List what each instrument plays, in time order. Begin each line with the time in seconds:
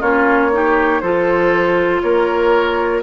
0.00 bassoon A#3, clarinet C#4, oboe F4, flute C#5
0.52 clarinet D#4, oboe G4
1.01 bassoon F3, clarinet F4, oboe A4, flute C5
2.01 bassoon A#3, oboe A#4, flute C#5